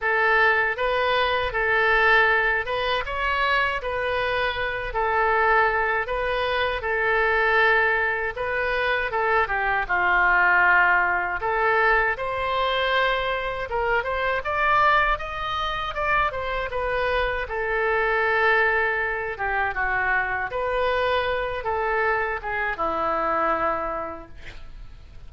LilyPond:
\new Staff \with { instrumentName = "oboe" } { \time 4/4 \tempo 4 = 79 a'4 b'4 a'4. b'8 | cis''4 b'4. a'4. | b'4 a'2 b'4 | a'8 g'8 f'2 a'4 |
c''2 ais'8 c''8 d''4 | dis''4 d''8 c''8 b'4 a'4~ | a'4. g'8 fis'4 b'4~ | b'8 a'4 gis'8 e'2 | }